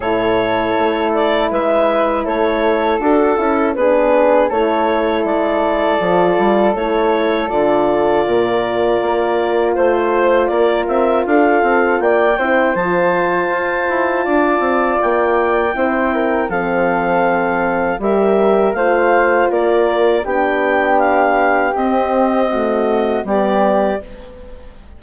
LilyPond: <<
  \new Staff \with { instrumentName = "clarinet" } { \time 4/4 \tempo 4 = 80 cis''4. d''8 e''4 cis''4 | a'4 b'4 cis''4 d''4~ | d''4 cis''4 d''2~ | d''4 c''4 d''8 e''8 f''4 |
g''4 a''2. | g''2 f''2 | e''4 f''4 d''4 g''4 | f''4 dis''2 d''4 | }
  \new Staff \with { instrumentName = "flute" } { \time 4/4 a'2 b'4 a'4~ | a'4 gis'4 a'2~ | a'2. ais'4~ | ais'4 c''4 ais'4 a'4 |
d''8 c''2~ c''8 d''4~ | d''4 c''8 ais'8 a'2 | ais'4 c''4 ais'4 g'4~ | g'2 fis'4 g'4 | }
  \new Staff \with { instrumentName = "horn" } { \time 4/4 e'1 | fis'8 e'8 d'4 e'2 | f'4 e'4 f'2~ | f'1~ |
f'8 e'8 f'2.~ | f'4 e'4 c'2 | g'4 f'2 d'4~ | d'4 c'4 a4 b4 | }
  \new Staff \with { instrumentName = "bassoon" } { \time 4/4 a,4 a4 gis4 a4 | d'8 cis'8 b4 a4 gis4 | f8 g8 a4 d4 ais,4 | ais4 a4 ais8 c'8 d'8 c'8 |
ais8 c'8 f4 f'8 e'8 d'8 c'8 | ais4 c'4 f2 | g4 a4 ais4 b4~ | b4 c'2 g4 | }
>>